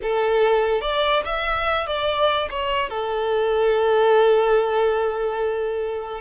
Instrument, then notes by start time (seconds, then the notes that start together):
violin
0.02 A4
0.81 D5
1.25 E5
1.86 D5
2.50 C#5
2.89 A4